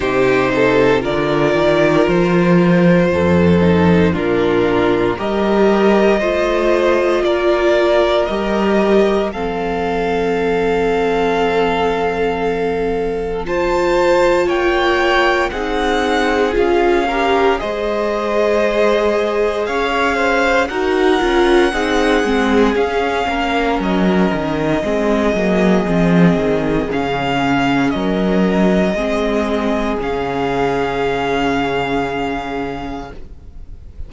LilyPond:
<<
  \new Staff \with { instrumentName = "violin" } { \time 4/4 \tempo 4 = 58 c''4 d''4 c''2 | ais'4 dis''2 d''4 | dis''4 f''2.~ | f''4 a''4 g''4 fis''4 |
f''4 dis''2 f''4 | fis''2 f''4 dis''4~ | dis''2 f''4 dis''4~ | dis''4 f''2. | }
  \new Staff \with { instrumentName = "violin" } { \time 4/4 g'8 a'8 ais'2 a'4 | f'4 ais'4 c''4 ais'4~ | ais'4 a'2.~ | a'4 c''4 cis''4 gis'4~ |
gis'8 ais'8 c''2 cis''8 c''8 | ais'4 gis'4. ais'4. | gis'2. ais'4 | gis'1 | }
  \new Staff \with { instrumentName = "viola" } { \time 4/4 dis'4 f'2~ f'8 dis'8 | d'4 g'4 f'2 | g'4 c'2.~ | c'4 f'2 dis'4 |
f'8 g'8 gis'2. | fis'8 f'8 dis'8 c'8 cis'2 | c'8 ais8 c'4 cis'2 | c'4 cis'2. | }
  \new Staff \with { instrumentName = "cello" } { \time 4/4 c4 d8 dis8 f4 f,4 | ais,4 g4 a4 ais4 | g4 f2.~ | f2 ais4 c'4 |
cis'4 gis2 cis'4 | dis'8 cis'8 c'8 gis8 cis'8 ais8 fis8 dis8 | gis8 fis8 f8 dis8 cis4 fis4 | gis4 cis2. | }
>>